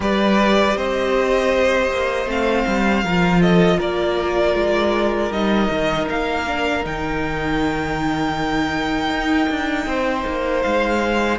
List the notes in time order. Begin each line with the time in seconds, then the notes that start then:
0.00 G3 G4 B4 D5
0.76 C4 C5 D#5
1.91 A#3
2.26 A3 C4 F5
2.67 G3
3.03 F3 F4 A#4
3.40 A4 D#5
3.77 A#3 A#4 D5
4.54 G#3
5.30 G3 D#4 D#5
5.70 D#3
6.09 A#3 F5
6.46 D4
6.83 D#3 D#4 G5
9.09 D#4
9.49 D4
9.86 C4 C5
10.26 A#3
10.62 G#3 F5